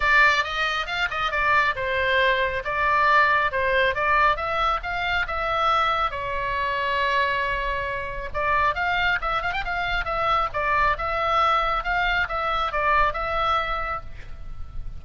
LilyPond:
\new Staff \with { instrumentName = "oboe" } { \time 4/4 \tempo 4 = 137 d''4 dis''4 f''8 dis''8 d''4 | c''2 d''2 | c''4 d''4 e''4 f''4 | e''2 cis''2~ |
cis''2. d''4 | f''4 e''8 f''16 g''16 f''4 e''4 | d''4 e''2 f''4 | e''4 d''4 e''2 | }